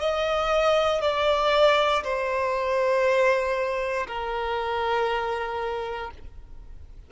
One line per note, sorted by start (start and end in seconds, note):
0.00 1.01 D#5
1.01 2.03 D5
2.03 4.07 C5
4.07 6.11 A#4